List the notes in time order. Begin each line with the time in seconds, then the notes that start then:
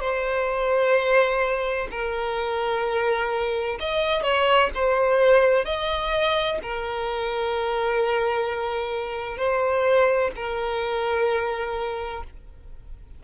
0.00 C5
1.91 A#4
3.80 D#5
4.23 C#5
4.74 C5
5.65 D#5
6.63 A#4
9.37 C5
10.36 A#4